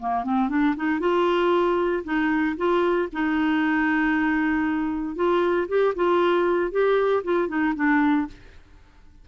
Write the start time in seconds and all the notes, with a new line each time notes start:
0.00 A#3
0.24 C4
0.50 D4
0.77 D#4
1.00 F4
2.05 D#4
2.57 F4
3.13 D#4
5.16 F4
5.69 G4
5.96 F4
6.72 G4
7.24 F4
7.49 D#4
7.76 D4